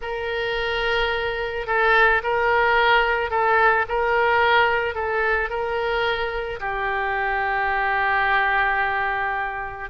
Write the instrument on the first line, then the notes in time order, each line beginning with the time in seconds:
oboe
0.01 A#4
1.67 A4
2.23 A#4
3.30 A4
3.88 A#4
4.94 A4
5.49 A#4
6.59 G4